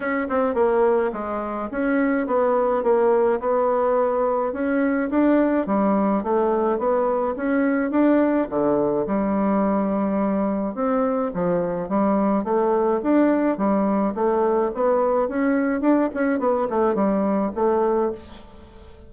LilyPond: \new Staff \with { instrumentName = "bassoon" } { \time 4/4 \tempo 4 = 106 cis'8 c'8 ais4 gis4 cis'4 | b4 ais4 b2 | cis'4 d'4 g4 a4 | b4 cis'4 d'4 d4 |
g2. c'4 | f4 g4 a4 d'4 | g4 a4 b4 cis'4 | d'8 cis'8 b8 a8 g4 a4 | }